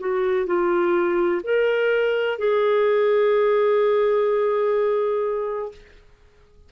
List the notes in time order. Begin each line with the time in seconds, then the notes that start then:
0.00 F#4
0.46 F4
1.43 A#4
2.39 G#4